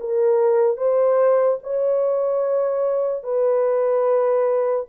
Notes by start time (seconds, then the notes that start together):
0.00 A#4
0.77 C5
1.63 C#5
3.24 B4